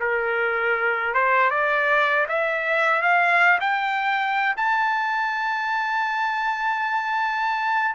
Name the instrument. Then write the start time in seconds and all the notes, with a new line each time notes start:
trumpet
0.00 A#4
1.14 C5
1.51 D5
2.28 E5
3.02 F5
3.61 G5
4.57 A5